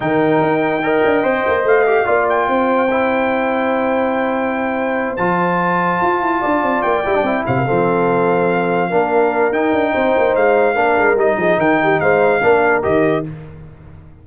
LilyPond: <<
  \new Staff \with { instrumentName = "trumpet" } { \time 4/4 \tempo 4 = 145 g''1 | f''4. g''2~ g''8~ | g''1~ | g''8 a''2.~ a''8~ |
a''8 g''4. f''2~ | f''2. g''4~ | g''4 f''2 dis''4 | g''4 f''2 dis''4 | }
  \new Staff \with { instrumentName = "horn" } { \time 4/4 ais'2 dis''2~ | dis''4 d''4 c''2~ | c''1~ | c''2.~ c''8 d''8~ |
d''2 c''16 ais'16 a'4.~ | a'4. ais'2~ ais'8 | c''2 ais'4. gis'8 | ais'8 g'8 c''4 ais'2 | }
  \new Staff \with { instrumentName = "trombone" } { \time 4/4 dis'2 ais'4 c''4~ | c''8 g'8 f'2 e'4~ | e'1~ | e'8 f'2.~ f'8~ |
f'4 e'16 d'16 e'4 c'4.~ | c'4. d'4. dis'4~ | dis'2 d'4 dis'4~ | dis'2 d'4 g'4 | }
  \new Staff \with { instrumentName = "tuba" } { \time 4/4 dis4 dis'4. d'8 c'8 ais8 | a4 ais4 c'2~ | c'1~ | c'8 f2 f'8 e'8 d'8 |
c'8 ais8 g8 c'8 c8 f4.~ | f4. ais4. dis'8 d'8 | c'8 ais8 gis4 ais8 gis8 g8 f8 | dis4 gis4 ais4 dis4 | }
>>